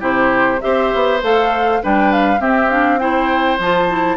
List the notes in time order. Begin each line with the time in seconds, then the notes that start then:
0.00 C3 E4 G4 C5
0.62 C4 G4 C5 E5
0.94 B3
1.23 A3 A4 F5
1.83 G3 D4 B4 G5
2.13 F5
2.39 C4 G4 E5
2.70 D4 F5
2.99 E4 C5 G5
3.59 F3 F4 A5
3.89 E4